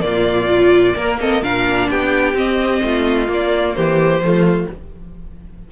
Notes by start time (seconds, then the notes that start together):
0.00 A#2 A#3 F4 D5
0.49 F4
0.95 A#3 A#4
1.20 C4 A4 D#5
1.42 A#2 D4 A#4 F5
1.89 B3 G4 G5
2.33 C4 D#5
2.83 A3 F4
3.27 A#3 D5
3.74 E3 G4 C5
4.20 F3 A3 F4